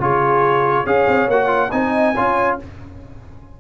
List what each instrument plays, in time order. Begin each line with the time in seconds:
0.00 tuba C#3, trombone F4, horn G#4, trumpet C#5
0.84 tuba C#4, trombone G#4, horn C#5, trumpet F5
1.08 tuba C4
1.28 tuba A#3, trombone F#4, trumpet F#5
1.47 trombone F4
1.72 tuba C4, trombone D#4, horn D#5, trumpet G#5
2.15 tuba C#4, trombone F4, horn C#5